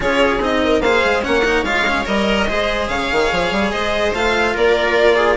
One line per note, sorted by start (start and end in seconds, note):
0.00 0.39 C#4
0.00 0.39 F4
0.00 0.62 G#4
0.00 0.42 C#5
0.39 0.80 C4
0.39 0.82 D#4
0.39 0.81 D#5
0.64 0.84 A#4
0.80 1.01 A#3
0.80 1.22 G#4
0.80 1.25 C5
0.80 1.23 F5
1.05 1.25 G#3
1.22 1.63 A#3
1.22 1.42 C#4
1.22 2.48 C#5
1.22 1.64 F#5
1.44 1.65 D#4
1.63 2.05 G#3
1.63 1.86 F4
1.63 2.05 F5
1.87 2.05 C#4
2.05 2.48 G3
2.05 2.46 A#4
2.05 2.88 D#5
2.47 2.88 G#3
2.47 4.13 G#4
2.47 2.90 C5
2.88 3.09 C#3
2.88 3.71 C#5
2.88 3.70 F5
3.11 3.31 D#3
3.31 3.51 F3
3.51 3.71 G3
3.71 4.13 G#3
3.71 4.53 C5
3.71 4.12 D#5
4.13 4.54 A3
4.13 5.37 F4
4.13 4.56 F5
4.53 5.37 A#3
4.53 5.15 A#4
4.53 5.37 D5
5.15 5.36 G#4